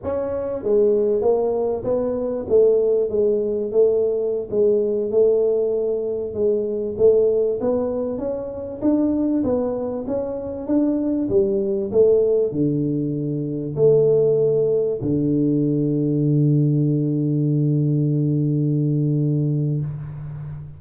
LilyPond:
\new Staff \with { instrumentName = "tuba" } { \time 4/4 \tempo 4 = 97 cis'4 gis4 ais4 b4 | a4 gis4 a4~ a16 gis8.~ | gis16 a2 gis4 a8.~ | a16 b4 cis'4 d'4 b8.~ |
b16 cis'4 d'4 g4 a8.~ | a16 d2 a4.~ a16~ | a16 d2.~ d8.~ | d1 | }